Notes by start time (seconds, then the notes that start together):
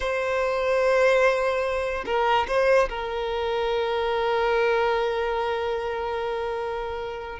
0.00 C5
2.05 A#4
2.47 C5
2.89 A#4